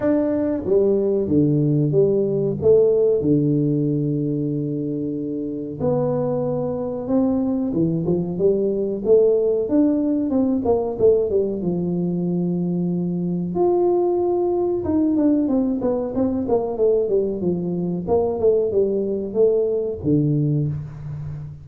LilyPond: \new Staff \with { instrumentName = "tuba" } { \time 4/4 \tempo 4 = 93 d'4 g4 d4 g4 | a4 d2.~ | d4 b2 c'4 | e8 f8 g4 a4 d'4 |
c'8 ais8 a8 g8 f2~ | f4 f'2 dis'8 d'8 | c'8 b8 c'8 ais8 a8 g8 f4 | ais8 a8 g4 a4 d4 | }